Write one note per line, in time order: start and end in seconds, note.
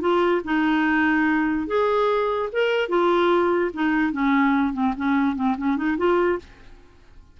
0.00 0.41 F4
0.44 1.67 D#4
1.67 2.49 G#4
2.52 2.89 A#4
2.89 3.71 F4
3.73 4.12 D#4
4.12 4.73 C#4
4.73 4.93 C4
4.96 5.35 C#4
5.35 5.56 C4
5.57 5.76 C#4
5.76 5.97 D#4
5.97 6.38 F4